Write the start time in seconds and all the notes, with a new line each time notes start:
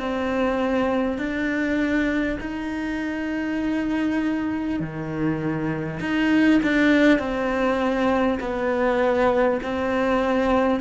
0.00 C4
1.18 D4
2.41 D#4
4.79 D#3
6.00 D#4
6.63 D4
7.19 C4
8.40 B3
9.63 C4